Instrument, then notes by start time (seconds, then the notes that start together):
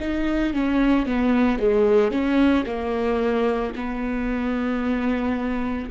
viola
0.00 D#4
0.54 C#4
1.06 B3
1.59 G#3
2.11 C#4
2.66 A#3
3.75 B3